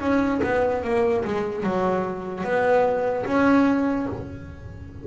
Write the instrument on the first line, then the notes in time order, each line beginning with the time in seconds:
double bass
0.00 C#4
0.43 B3
0.84 A#3
1.25 G#3
1.63 F#3
2.44 B3
3.25 C#4